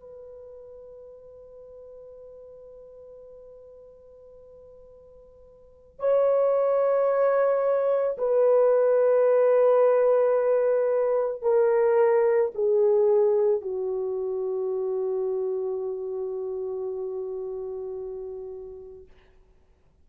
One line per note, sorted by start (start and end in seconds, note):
0.00 6.00 B4
6.00 8.18 C#5
8.18 11.42 B4
11.42 12.52 A#4
12.55 13.62 G#4
13.62 19.07 F#4